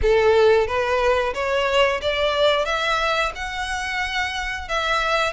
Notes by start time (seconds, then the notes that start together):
0.02 A4
0.67 B4
1.34 C#5
2.01 D5
2.65 E5
3.35 F#5
4.68 E5